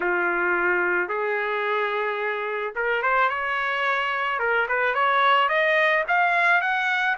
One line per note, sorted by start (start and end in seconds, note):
0.00 1.08 F4
1.08 2.73 G#4
2.75 3.02 A#4
3.02 3.29 C5
3.29 4.39 C#5
4.39 4.66 A#4
4.68 4.94 B4
4.94 5.48 C#5
5.48 6.04 D#5
6.08 6.61 F5
6.61 7.16 F#5